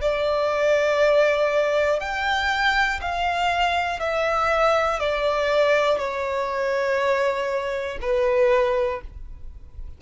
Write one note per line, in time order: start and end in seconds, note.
0.00 2.00 D5
2.00 3.00 G5
3.01 4.00 F5
4.00 5.00 E5
5.00 5.98 D5
5.98 7.98 C#5
8.01 9.01 B4